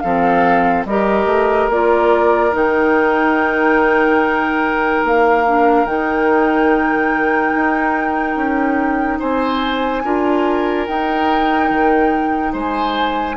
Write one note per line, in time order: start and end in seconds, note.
0.00 0.85 F3
0.00 0.87 C4
0.00 0.86 A4
0.00 0.83 F5
0.85 1.26 G3
0.85 1.72 G4
0.85 9.19 A#4
0.85 1.70 D#5
1.26 1.67 A3
1.69 2.52 A#3
1.69 2.52 F4
1.69 2.54 D5
2.52 5.03 D#3
2.52 5.43 D#4
2.52 5.06 G5
5.04 5.85 A#3
5.04 5.86 F5
5.47 5.86 D4
5.85 7.52 D#3
5.85 10.02 D#4
5.85 9.19 G5
7.55 8.36 D#4
8.36 9.19 C#4
9.19 10.04 C4
9.19 10.02 C5
9.19 10.86 G#5
10.04 10.87 D4
10.04 10.88 F4
10.04 12.53 A#4
10.86 11.70 D#4
10.86 13.37 D#4
10.86 12.53 G5
11.70 12.53 D#3
12.53 13.36 G#3
12.53 13.36 C5
12.53 13.37 G#5